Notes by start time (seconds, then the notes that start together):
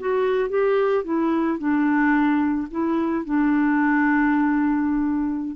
0.00 F#4
0.50 G4
1.04 E4
1.59 D4
2.71 E4
3.25 D4